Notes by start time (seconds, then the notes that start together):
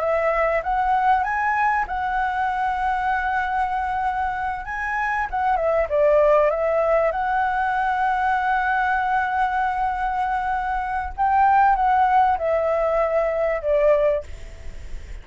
0.00 E5
0.63 F#5
1.23 G#5
1.88 F#5
4.65 G#5
5.30 F#5
5.56 E5
5.89 D5
6.51 E5
7.12 F#5
11.17 G5
11.76 F#5
12.38 E5
13.62 D5